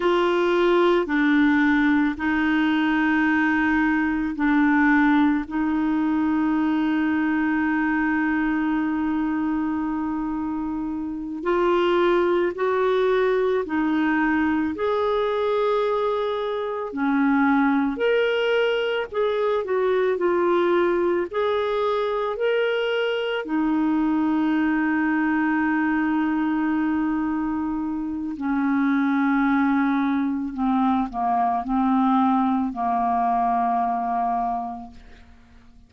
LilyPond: \new Staff \with { instrumentName = "clarinet" } { \time 4/4 \tempo 4 = 55 f'4 d'4 dis'2 | d'4 dis'2.~ | dis'2~ dis'8 f'4 fis'8~ | fis'8 dis'4 gis'2 cis'8~ |
cis'8 ais'4 gis'8 fis'8 f'4 gis'8~ | gis'8 ais'4 dis'2~ dis'8~ | dis'2 cis'2 | c'8 ais8 c'4 ais2 | }